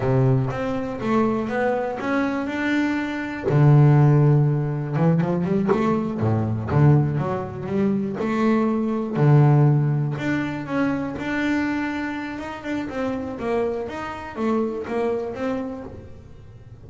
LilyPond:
\new Staff \with { instrumentName = "double bass" } { \time 4/4 \tempo 4 = 121 c4 c'4 a4 b4 | cis'4 d'2 d4~ | d2 e8 f8 g8 a8~ | a8 a,4 d4 fis4 g8~ |
g8 a2 d4.~ | d8 d'4 cis'4 d'4.~ | d'4 dis'8 d'8 c'4 ais4 | dis'4 a4 ais4 c'4 | }